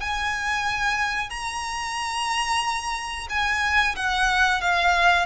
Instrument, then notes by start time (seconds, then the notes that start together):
violin
0.00 G#5
1.29 A#5
3.29 G#5
3.95 F#5
4.61 F5